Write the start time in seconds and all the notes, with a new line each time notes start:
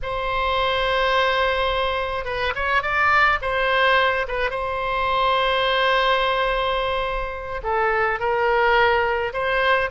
0.02 C5
2.24 B4
2.55 C#5
2.82 D5
3.41 C5
4.27 B4
4.50 C5
7.63 A4
8.19 A#4
9.33 C5